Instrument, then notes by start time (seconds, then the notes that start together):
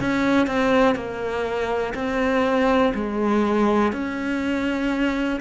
cello
0.00 C#4
0.46 C4
0.95 A#3
1.94 C4
2.94 G#3
3.92 C#4